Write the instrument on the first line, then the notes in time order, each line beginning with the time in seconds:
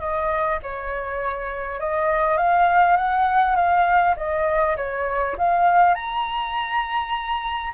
flute
0.00 D#5
0.63 C#5
1.80 D#5
2.38 F5
2.97 F#5
3.56 F5
4.17 D#5
4.77 C#5
5.38 F5
5.95 A#5